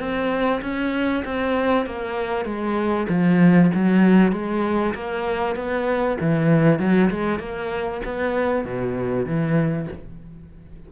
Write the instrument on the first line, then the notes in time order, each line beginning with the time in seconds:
cello
0.00 C4
0.62 C#4
1.25 C4
1.87 A#3
2.45 G#3
3.09 F3
3.75 F#3
4.33 G#3
4.95 A#3
5.56 B3
6.21 E3
6.80 F#3
7.11 G#3
7.40 A#3
8.05 B3
8.65 B2
9.26 E3